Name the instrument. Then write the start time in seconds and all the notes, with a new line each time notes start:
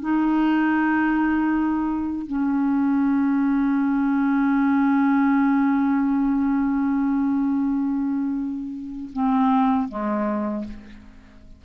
clarinet
0.00 D#4
2.26 C#4
9.13 C4
9.88 G#3